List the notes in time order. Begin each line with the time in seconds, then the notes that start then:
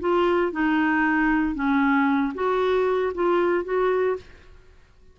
0.00 F4
0.52 D#4
1.55 C#4
2.35 F#4
3.15 F4
3.65 F#4